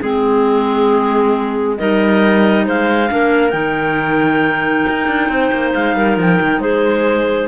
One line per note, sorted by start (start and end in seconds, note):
0.00 1.79 G#3
0.00 1.77 C4
0.00 1.76 G#4
0.00 1.77 G#4
1.77 2.67 G3
1.77 3.08 D#4
1.77 2.65 A#4
1.77 2.66 D#5
2.65 3.11 G#3
2.65 3.09 C5
2.65 3.50 F5
3.08 3.53 A#3
3.08 3.51 D4
3.08 5.31 A#4
3.50 4.85 D#3
3.50 7.48 D#4
3.50 5.70 G5
4.89 5.07 D#4
5.07 5.29 D4
5.29 5.51 C4
5.29 5.97 C5
5.52 5.74 A#3
5.74 5.95 G#3
5.74 6.18 F5
5.95 6.17 G3
5.95 6.61 A#4
6.17 6.40 F3
6.17 6.61 G5
6.41 6.58 D#3
6.58 7.47 G#3
6.58 7.48 G#4
6.58 7.48 C5